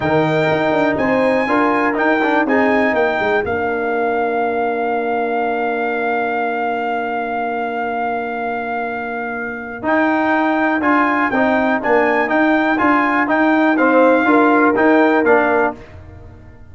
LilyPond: <<
  \new Staff \with { instrumentName = "trumpet" } { \time 4/4 \tempo 4 = 122 g''2 gis''2 | g''4 gis''4 g''4 f''4~ | f''1~ | f''1~ |
f''1 | g''2 gis''4 g''4 | gis''4 g''4 gis''4 g''4 | f''2 g''4 f''4 | }
  \new Staff \with { instrumentName = "horn" } { \time 4/4 ais'2 c''4 ais'4~ | ais'4 gis'4 ais'2~ | ais'1~ | ais'1~ |
ais'1~ | ais'1~ | ais'1 | c''4 ais'2. | }
  \new Staff \with { instrumentName = "trombone" } { \time 4/4 dis'2. f'4 | dis'8 d'8 dis'2 d'4~ | d'1~ | d'1~ |
d'1 | dis'2 f'4 dis'4 | d'4 dis'4 f'4 dis'4 | c'4 f'4 dis'4 d'4 | }
  \new Staff \with { instrumentName = "tuba" } { \time 4/4 dis4 dis'8 d'8 c'4 d'4 | dis'4 c'4 ais8 gis8 ais4~ | ais1~ | ais1~ |
ais1 | dis'2 d'4 c'4 | ais4 dis'4 d'4 dis'4~ | dis'4 d'4 dis'4 ais4 | }
>>